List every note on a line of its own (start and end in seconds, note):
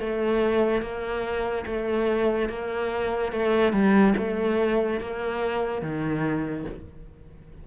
0.00 0.82 A3
0.82 1.66 A#3
1.66 2.49 A3
2.49 3.32 A#3
3.32 3.73 A3
3.73 4.14 G3
4.18 5.00 A3
5.00 5.82 A#3
5.82 6.65 D#3